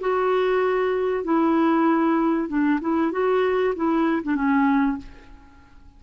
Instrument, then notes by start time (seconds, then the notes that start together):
clarinet
0.00 F#4
1.24 E4
2.48 D4
2.80 E4
3.11 F#4
3.75 E4
4.23 D4
4.35 C#4